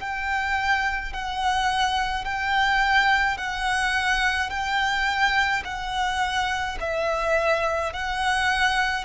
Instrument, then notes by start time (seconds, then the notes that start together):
violin
0.00 G5
1.13 F#5
2.25 G5
3.38 F#5
4.50 G5
5.65 F#5
6.80 E5
7.93 F#5